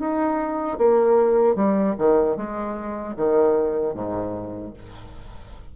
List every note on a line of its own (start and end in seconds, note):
0.00 0.78 D#4
0.78 1.56 A#3
1.56 1.95 G3
1.98 2.37 D#3
2.37 3.16 G#3
3.17 3.95 D#3
3.95 4.74 G#2